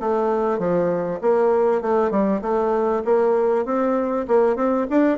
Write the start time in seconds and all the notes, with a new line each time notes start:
0.00 A3
0.59 F3
1.22 A#3
1.82 A3
2.11 G3
2.42 A3
3.05 A#3
3.66 C4
4.28 A#3
4.56 C4
4.90 D4